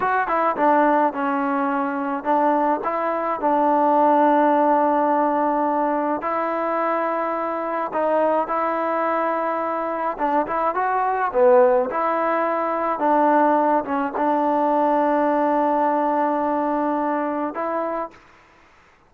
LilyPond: \new Staff \with { instrumentName = "trombone" } { \time 4/4 \tempo 4 = 106 fis'8 e'8 d'4 cis'2 | d'4 e'4 d'2~ | d'2. e'4~ | e'2 dis'4 e'4~ |
e'2 d'8 e'8 fis'4 | b4 e'2 d'4~ | d'8 cis'8 d'2.~ | d'2. e'4 | }